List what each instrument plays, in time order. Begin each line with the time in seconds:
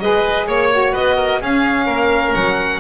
0.00 double bass G#3, saxophone G#4, oboe B4, violin D#5
0.47 double bass A#3, oboe C#5, violin C#5
0.71 saxophone F#4
0.92 double bass B3, oboe B4, violin D#5
1.16 oboe A#4
1.40 double bass C#4, saxophone C#4, oboe G#4, violin F5
1.86 double bass A#3, oboe A#4
2.34 double bass F#3, violin F#5